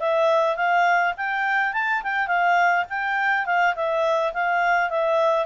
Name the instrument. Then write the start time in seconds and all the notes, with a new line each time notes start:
clarinet
0.00 E5
0.56 F5
1.17 G5
1.73 A5
2.03 G5
2.27 F5
2.90 G5
3.46 F5
3.75 E5
4.33 F5
4.90 E5